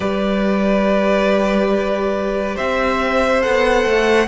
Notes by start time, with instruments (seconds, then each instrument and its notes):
0.00 cello G3, viola G4, violin B4 D5
2.55 cello C4, violin C5 E5
3.41 cello B3, viola A4, violin F#5
3.85 cello A3